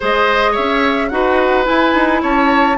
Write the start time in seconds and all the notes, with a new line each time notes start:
0.00 G#3 G#4 C5 D#5
0.51 C#5 E5
0.58 C#4
1.09 D#4 F#4 B4 F#5
1.64 E4 G#5
1.94 D#4
2.21 C#4 C#5 A5